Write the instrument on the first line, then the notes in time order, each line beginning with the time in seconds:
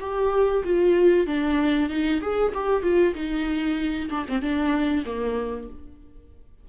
viola
0.00 G4
0.64 F4
1.27 D4
1.89 D#4
2.21 G#4
2.54 G4
2.83 F4
3.15 D#4
4.10 D4
4.29 C4
4.42 D4
5.06 A#3